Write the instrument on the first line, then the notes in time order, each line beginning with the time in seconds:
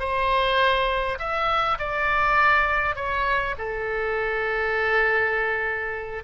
oboe
0.00 C5
1.19 E5
1.79 D5
2.96 C#5
3.58 A4